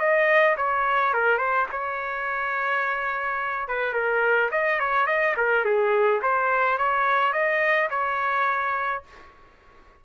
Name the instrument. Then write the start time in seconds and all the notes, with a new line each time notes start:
trumpet
0.00 D#5
0.57 C#5
1.14 A#4
1.38 C5
1.72 C#5
3.68 B4
3.94 A#4
4.52 D#5
4.80 C#5
5.07 D#5
5.37 A#4
5.65 G#4
6.22 C5
6.78 C#5
7.33 D#5
7.90 C#5